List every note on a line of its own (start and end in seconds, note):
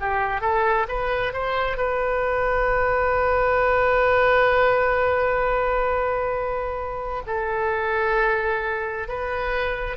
0.00 0.41 G4
0.41 0.87 A4
0.88 1.33 B4
1.33 1.77 C5
1.77 7.23 B4
7.27 9.09 A4
9.09 9.97 B4